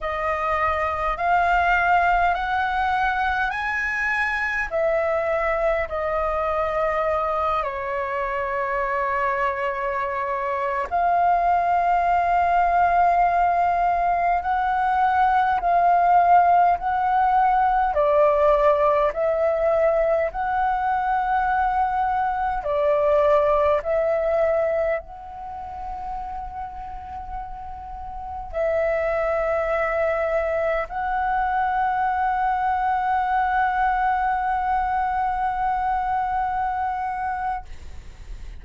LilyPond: \new Staff \with { instrumentName = "flute" } { \time 4/4 \tempo 4 = 51 dis''4 f''4 fis''4 gis''4 | e''4 dis''4. cis''4.~ | cis''4~ cis''16 f''2~ f''8.~ | f''16 fis''4 f''4 fis''4 d''8.~ |
d''16 e''4 fis''2 d''8.~ | d''16 e''4 fis''2~ fis''8.~ | fis''16 e''2 fis''4.~ fis''16~ | fis''1 | }